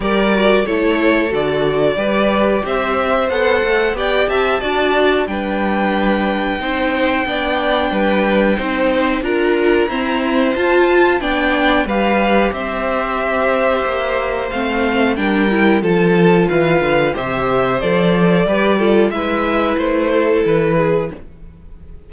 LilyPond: <<
  \new Staff \with { instrumentName = "violin" } { \time 4/4 \tempo 4 = 91 d''4 cis''4 d''2 | e''4 fis''4 g''8 a''4. | g''1~ | g''2 ais''2 |
a''4 g''4 f''4 e''4~ | e''2 f''4 g''4 | a''4 f''4 e''4 d''4~ | d''4 e''4 c''4 b'4 | }
  \new Staff \with { instrumentName = "violin" } { \time 4/4 ais'4 a'2 b'4 | c''2 d''8 e''8 d''4 | b'2 c''4 d''4 | b'4 c''4 ais'4 c''4~ |
c''4 d''4 b'4 c''4~ | c''2. ais'4 | a'4 b'4 c''2 | b'8 a'8 b'4. a'4 gis'8 | }
  \new Staff \with { instrumentName = "viola" } { \time 4/4 g'8 fis'8 e'4 fis'4 g'4~ | g'4 a'4 g'4 fis'4 | d'2 dis'4 d'4~ | d'4 dis'4 f'4 c'4 |
f'4 d'4 g'2~ | g'2 c'4 d'8 e'8 | f'2 g'4 a'4 | g'8 f'8 e'2. | }
  \new Staff \with { instrumentName = "cello" } { \time 4/4 g4 a4 d4 g4 | c'4 b8 a8 b8 c'8 d'4 | g2 c'4 b4 | g4 c'4 d'4 e'4 |
f'4 b4 g4 c'4~ | c'4 ais4 a4 g4 | f4 e8 d8 c4 f4 | g4 gis4 a4 e4 | }
>>